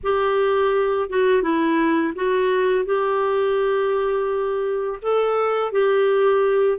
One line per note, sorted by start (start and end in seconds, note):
0.03 1.09 G4
1.09 1.42 F#4
1.42 2.13 E4
2.15 2.85 F#4
2.85 4.99 G4
5.02 5.71 A4
5.71 6.78 G4